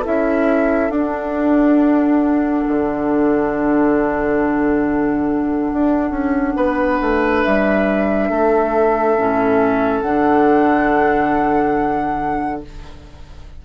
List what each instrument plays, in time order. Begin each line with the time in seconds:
0.00 clarinet E4, oboe A4
0.06 bassoon C#4, flute E5
0.90 bassoon D4, clarinet D4, flute F#5
2.68 bassoon D3
5.73 bassoon D4
6.11 bassoon C#4
6.56 bassoon B3, oboe B4
7.01 bassoon A3
7.43 bassoon G3, flute E5
8.30 bassoon A3, oboe A4
9.18 bassoon A2, clarinet C#4
10.00 bassoon D3, clarinet D4, flute F#5